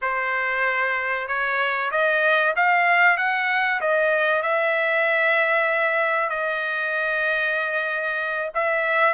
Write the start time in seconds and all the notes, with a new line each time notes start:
0.01 C5
1.27 C#5
1.91 D#5
2.56 F5
3.17 F#5
3.80 D#5
4.42 E5
6.29 D#5
8.54 E5